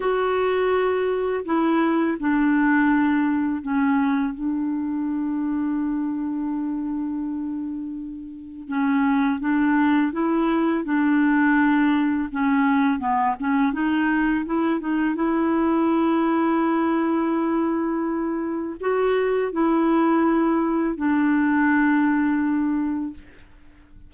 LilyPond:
\new Staff \with { instrumentName = "clarinet" } { \time 4/4 \tempo 4 = 83 fis'2 e'4 d'4~ | d'4 cis'4 d'2~ | d'1 | cis'4 d'4 e'4 d'4~ |
d'4 cis'4 b8 cis'8 dis'4 | e'8 dis'8 e'2.~ | e'2 fis'4 e'4~ | e'4 d'2. | }